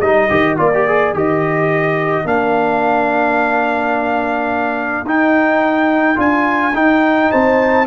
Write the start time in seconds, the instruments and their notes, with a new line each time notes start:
0.00 tuba G3, trombone D#4, horn A#4, trumpet D#5
0.29 tuba D#3, trombone G4
0.57 tuba A#3, trombone F4, trumpet D5
0.74 trombone G4
0.88 trombone G#4
1.14 tuba D#3, trombone G4, trumpet D#5
2.25 tuba A#3, trombone D4, trumpet F5
5.05 tuba D#4, trombone D#4, trumpet G5
6.16 tuba D4, trombone F4, trumpet G#5
6.74 tuba D#4, trombone D#4, trumpet G5
7.31 tuba C4, horn C5, trumpet A5